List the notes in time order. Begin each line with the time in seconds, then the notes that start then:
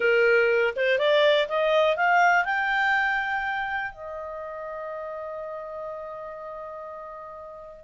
0.00 A#4
0.76 C5
0.98 D5
1.48 D#5
1.96 F5
2.44 G5
3.92 D#5